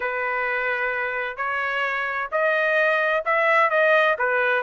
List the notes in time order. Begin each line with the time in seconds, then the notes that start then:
0.00 B4
1.36 C#5
2.31 D#5
3.25 E5
3.70 D#5
4.18 B4